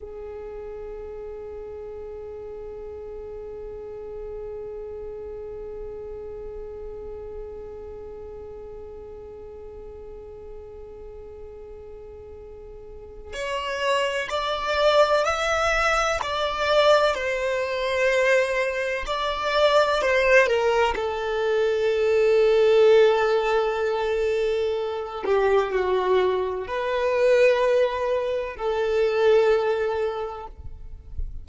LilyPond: \new Staff \with { instrumentName = "violin" } { \time 4/4 \tempo 4 = 63 gis'1~ | gis'1~ | gis'1~ | gis'2 cis''4 d''4 |
e''4 d''4 c''2 | d''4 c''8 ais'8 a'2~ | a'2~ a'8 g'8 fis'4 | b'2 a'2 | }